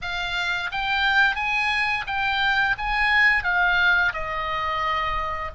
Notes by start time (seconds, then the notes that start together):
0.01 F5
0.71 G5
1.35 G#5
2.07 G5
2.77 G#5
3.43 F5
4.13 D#5